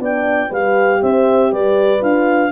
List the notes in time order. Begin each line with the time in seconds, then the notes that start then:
0.00 B3 D4 D5 G5
0.50 G3 G4 B4 F5
1.02 C4 C5 E5
1.51 G3 B4 D5
2.01 D4 F4 F5